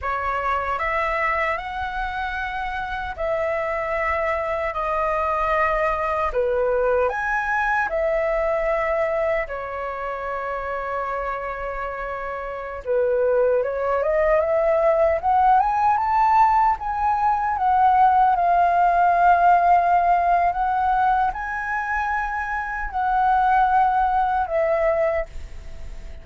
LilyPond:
\new Staff \with { instrumentName = "flute" } { \time 4/4 \tempo 4 = 76 cis''4 e''4 fis''2 | e''2 dis''2 | b'4 gis''4 e''2 | cis''1~ |
cis''16 b'4 cis''8 dis''8 e''4 fis''8 gis''16~ | gis''16 a''4 gis''4 fis''4 f''8.~ | f''2 fis''4 gis''4~ | gis''4 fis''2 e''4 | }